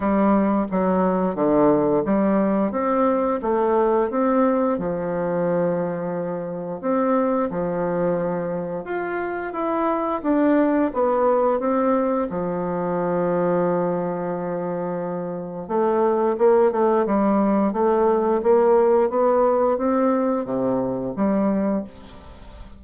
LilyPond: \new Staff \with { instrumentName = "bassoon" } { \time 4/4 \tempo 4 = 88 g4 fis4 d4 g4 | c'4 a4 c'4 f4~ | f2 c'4 f4~ | f4 f'4 e'4 d'4 |
b4 c'4 f2~ | f2. a4 | ais8 a8 g4 a4 ais4 | b4 c'4 c4 g4 | }